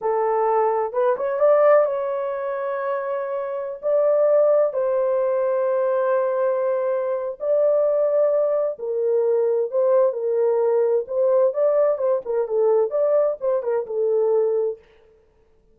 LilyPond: \new Staff \with { instrumentName = "horn" } { \time 4/4 \tempo 4 = 130 a'2 b'8 cis''8 d''4 | cis''1~ | cis''16 d''2 c''4.~ c''16~ | c''1 |
d''2. ais'4~ | ais'4 c''4 ais'2 | c''4 d''4 c''8 ais'8 a'4 | d''4 c''8 ais'8 a'2 | }